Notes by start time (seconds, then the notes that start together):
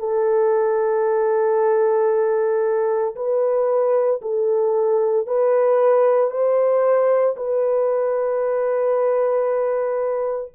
0.00 A4
3.16 B4
4.22 A4
5.27 B4
6.31 C5
7.37 B4